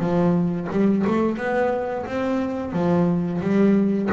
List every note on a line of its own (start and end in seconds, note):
0.00 0.68 F3
0.72 1.06 G3
1.07 1.38 A3
1.38 2.06 B3
2.06 2.73 C4
2.73 3.41 F3
3.42 4.10 G3